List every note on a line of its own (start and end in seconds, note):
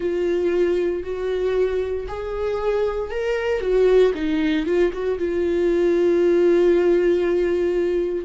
0.00 1.03 F4
1.03 2.06 F#4
2.08 3.10 G#4
3.10 3.60 A#4
3.60 4.12 F#4
4.14 4.66 D#4
4.66 4.91 F4
4.92 5.18 F#4
5.18 8.25 F4